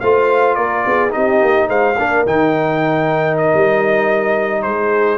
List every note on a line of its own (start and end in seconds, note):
0.00 0.56 A3
0.00 1.10 F4
0.00 0.56 C5
0.00 0.54 F5
0.54 0.84 A#3
0.54 0.84 A#4
0.54 1.11 D5
0.86 1.14 B3
0.86 1.14 G#4
1.10 1.41 C4
1.10 1.94 D#4
1.10 1.68 G4
1.10 1.68 D#5
1.41 1.68 A#3
1.68 1.96 G#3
1.68 1.96 C5
1.68 2.25 F5
1.98 2.26 A#3
1.98 2.26 D4
1.98 4.64 A#4
2.26 3.53 D#3
2.26 5.18 D#4
2.26 3.37 G5
3.37 4.62 D#5
3.54 4.65 G3
4.62 5.18 G#3
4.62 5.18 G#4
4.62 5.18 C5